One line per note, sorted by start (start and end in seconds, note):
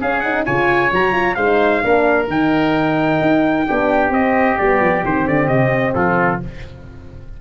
0.00 0.46 C#4
0.00 0.23 C#4
0.00 0.45 G#4
0.00 0.20 F5
0.20 0.45 D#4
0.20 0.43 F#5
0.45 0.91 C#3
0.45 0.91 F4
0.45 1.36 C#5
0.45 0.91 G#5
0.91 1.36 F#3
0.91 1.12 F#4
0.91 1.34 A#5
1.12 1.35 F4
1.34 1.82 G#3
1.34 1.82 D#4
1.34 1.82 C5
1.34 2.26 F5
1.82 2.27 A#3
1.82 2.28 D4
1.82 3.66 A#4
2.27 3.19 D#3
2.27 3.66 D#4
2.27 4.12 G5
3.21 3.67 D#4
3.66 4.10 B3
3.66 4.11 D4
3.66 5.95 G4
4.10 4.55 C4
4.10 4.57 C4
4.10 4.57 D#5
4.57 4.80 G3
4.57 5.03 B3
4.57 5.03 D5
4.80 5.03 F3
5.03 5.25 D#3
5.03 6.40 C4
5.03 5.27 C5
5.25 5.48 D3
5.25 5.47 D5
5.47 5.94 C3
5.47 5.93 D#5
5.94 6.40 F3
5.94 6.41 F4
5.94 6.40 A4